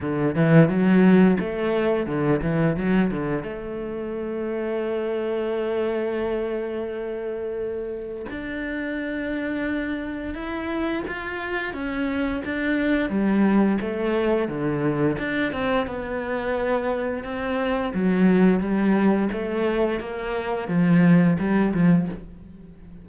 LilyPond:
\new Staff \with { instrumentName = "cello" } { \time 4/4 \tempo 4 = 87 d8 e8 fis4 a4 d8 e8 | fis8 d8 a2.~ | a1 | d'2. e'4 |
f'4 cis'4 d'4 g4 | a4 d4 d'8 c'8 b4~ | b4 c'4 fis4 g4 | a4 ais4 f4 g8 f8 | }